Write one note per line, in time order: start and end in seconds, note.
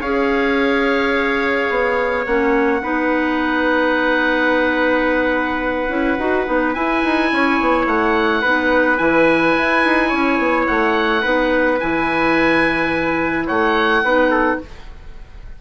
0.00 1.69 C#4
0.00 2.26 G#4
0.00 2.80 C#5
0.00 2.25 F5
1.70 2.26 B3
2.26 2.82 A#3
2.26 2.82 C#4
2.26 6.73 F#5
2.82 5.89 B3
2.82 5.89 D#4
2.82 7.31 B4
5.89 6.17 C#4
5.89 6.17 E4
6.18 6.46 D#4
6.18 6.46 F#4
6.46 6.75 B3
6.46 6.74 D#4
6.73 8.43 E4
6.73 7.03 E4
6.73 7.86 G#5
7.04 7.32 D#4
7.32 7.60 C#4
7.32 8.41 C#5
7.60 7.86 B3
7.86 8.42 A3
7.86 8.97 F#5
8.41 8.99 B3
8.41 8.97 D#4
8.41 10.09 B4
8.97 9.55 E3
8.97 11.21 E4
8.97 10.65 G#5
9.57 9.84 E4
9.84 10.12 D#4
10.09 10.38 C#4
10.09 11.21 C#5
10.38 10.66 B3
10.67 11.24 A3
10.67 11.79 F#5
11.22 11.80 B3
11.22 11.78 D#4
11.22 13.46 B4
11.79 13.49 E3
11.79 14.05 E4
11.79 13.48 G#5
13.46 14.03 A3
13.46 14.02 C#5
13.46 14.60 F#5
14.03 14.59 B3
14.03 14.61 D#4
14.03 14.30 B4
14.30 14.58 A4